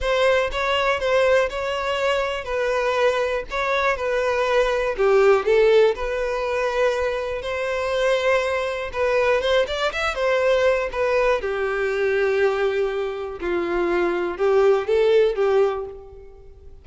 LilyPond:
\new Staff \with { instrumentName = "violin" } { \time 4/4 \tempo 4 = 121 c''4 cis''4 c''4 cis''4~ | cis''4 b'2 cis''4 | b'2 g'4 a'4 | b'2. c''4~ |
c''2 b'4 c''8 d''8 | e''8 c''4. b'4 g'4~ | g'2. f'4~ | f'4 g'4 a'4 g'4 | }